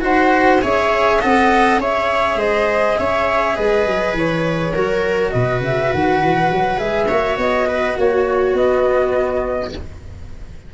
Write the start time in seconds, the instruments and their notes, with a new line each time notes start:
0.00 tuba D#4, cello F#4, viola C5, flute F#5
0.61 tuba C#4, cello G#4, viola C#5, flute E5
1.20 tuba C4, cello A4, viola D#5, flute F#5
1.77 tuba C#4, cello G#4, viola C#5, flute E5
2.35 tuba G#3, viola C5, flute D#5
2.97 tuba C#4, viola C#5, flute E5
3.55 tuba G#3, viola B4, flute D#5
3.85 tuba F#3
4.13 tuba E3, flute C#5
4.73 tuba F#3, cello F#4, viola A#4
5.30 tuba B2, viola B4, flute D#5
5.60 tuba C#3, flute E5
5.92 tuba D#3, flute F#5
6.20 tuba E3
6.50 tuba F#3
6.77 tuba G#3, cello G#4, flute E5
7.07 tuba A#3, cello F#4, viola C#5
7.37 tuba B3, flute D#5
7.68 viola B4
7.97 tuba A#3, viola F#4, flute C#5
8.53 tuba B3, cello B3, flute D#5